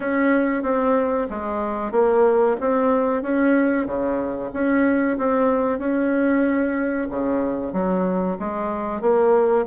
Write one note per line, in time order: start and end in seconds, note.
0.00 0.62 C#4
0.62 1.27 C4
1.30 1.91 G#3
1.91 2.56 A#3
2.60 3.22 C4
3.22 3.86 C#4
3.86 4.50 C#3
4.53 5.17 C#4
5.18 5.78 C4
5.78 7.07 C#4
7.10 7.72 C#3
7.72 8.37 F#3
8.39 9.01 G#3
9.01 9.65 A#3